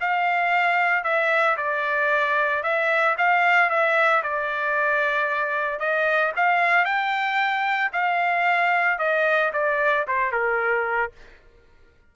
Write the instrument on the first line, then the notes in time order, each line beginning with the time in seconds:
trumpet
0.00 F5
1.04 E5
1.57 D5
2.63 E5
3.18 F5
3.70 E5
4.23 D5
5.79 D#5
6.36 F5
6.85 G5
7.92 F5
8.99 D#5
9.53 D5
10.07 C5
10.32 A#4